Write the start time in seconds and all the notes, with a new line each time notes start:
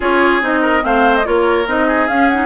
0.00 C#4 F4 G#4 C#5
0.41 C4 D#4 D#5
0.62 A#4
0.81 A3 C4 C5 F5
1.15 D#5
1.24 A#3 F4 A#4 C#5
1.67 C4 D#4 D#5
1.87 G#4
2.07 C#4 F5
2.28 D#4 F#5